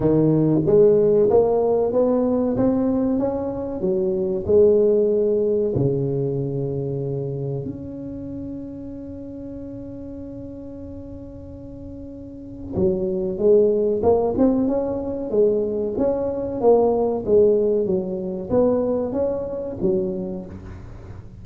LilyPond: \new Staff \with { instrumentName = "tuba" } { \time 4/4 \tempo 4 = 94 dis4 gis4 ais4 b4 | c'4 cis'4 fis4 gis4~ | gis4 cis2. | cis'1~ |
cis'1 | fis4 gis4 ais8 c'8 cis'4 | gis4 cis'4 ais4 gis4 | fis4 b4 cis'4 fis4 | }